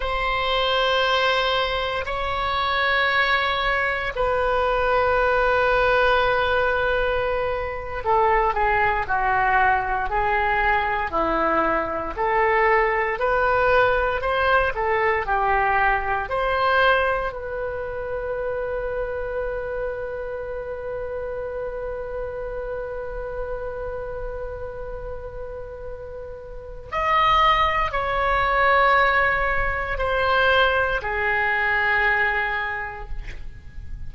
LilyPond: \new Staff \with { instrumentName = "oboe" } { \time 4/4 \tempo 4 = 58 c''2 cis''2 | b'2.~ b'8. a'16~ | a'16 gis'8 fis'4 gis'4 e'4 a'16~ | a'8. b'4 c''8 a'8 g'4 c''16~ |
c''8. b'2.~ b'16~ | b'1~ | b'2 dis''4 cis''4~ | cis''4 c''4 gis'2 | }